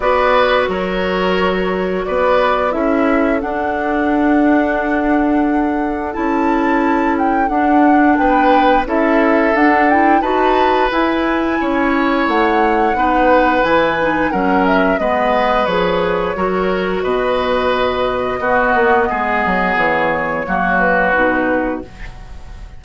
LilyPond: <<
  \new Staff \with { instrumentName = "flute" } { \time 4/4 \tempo 4 = 88 d''4 cis''2 d''4 | e''4 fis''2.~ | fis''4 a''4. g''8 fis''4 | g''4 e''4 fis''8 g''8 a''4 |
gis''2 fis''2 | gis''4 fis''8 e''8 dis''4 cis''4~ | cis''4 dis''2.~ | dis''4 cis''4. b'4. | }
  \new Staff \with { instrumentName = "oboe" } { \time 4/4 b'4 ais'2 b'4 | a'1~ | a'1 | b'4 a'2 b'4~ |
b'4 cis''2 b'4~ | b'4 ais'4 b'2 | ais'4 b'2 fis'4 | gis'2 fis'2 | }
  \new Staff \with { instrumentName = "clarinet" } { \time 4/4 fis'1 | e'4 d'2.~ | d'4 e'2 d'4~ | d'4 e'4 d'8 e'8 fis'4 |
e'2. dis'4 | e'8 dis'8 cis'4 b4 gis'4 | fis'2. b4~ | b2 ais4 dis'4 | }
  \new Staff \with { instrumentName = "bassoon" } { \time 4/4 b4 fis2 b4 | cis'4 d'2.~ | d'4 cis'2 d'4 | b4 cis'4 d'4 dis'4 |
e'4 cis'4 a4 b4 | e4 fis4 gis4 f4 | fis4 b,2 b8 ais8 | gis8 fis8 e4 fis4 b,4 | }
>>